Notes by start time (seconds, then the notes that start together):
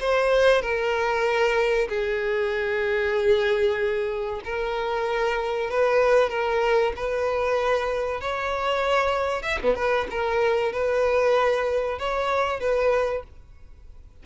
0.00 C5
0.61 A#4
1.88 G#4
4.44 A#4
5.70 B4
6.30 A#4
6.96 B4
8.20 C#5
9.42 E5
9.63 B3
9.75 B4
10.10 A#4
10.72 B4
11.98 C#5
12.60 B4